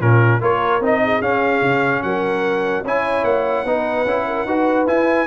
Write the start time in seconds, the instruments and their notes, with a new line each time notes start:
0.00 tuba A#2, trombone C#4, horn F4, trumpet A#4
0.41 tuba A#3, trombone F4, horn A#4, trumpet C#5
0.81 tuba C4, trombone D#4, trumpet D#5
1.04 horn G#4
1.22 tuba C#4, trombone C#4, trumpet F5
1.62 tuba C#3
2.03 tuba F#3, horn A#4, trumpet F#5
2.83 tuba C#4, trombone E4, horn C#5, trumpet G#5
3.24 tuba A#3, trumpet F#5
3.65 tuba B3, trombone D#4, horn B4
4.06 tuba C#4, trombone E4
4.28 horn A#4
4.46 tuba D#4, trombone F#4, horn B4
4.87 tuba E4, trombone E4, trumpet G#5